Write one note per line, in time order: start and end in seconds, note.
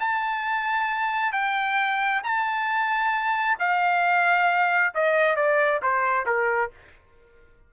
0.00 1.33 A5
1.33 2.22 G5
2.24 3.58 A5
3.59 4.94 F5
4.95 5.36 D#5
5.36 5.81 D5
5.82 6.26 C5
6.26 6.71 A#4